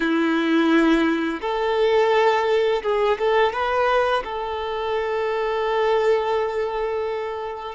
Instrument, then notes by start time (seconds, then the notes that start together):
violin
0.00 E4
1.41 A4
2.82 G#4
3.18 A4
3.52 B4
4.24 A4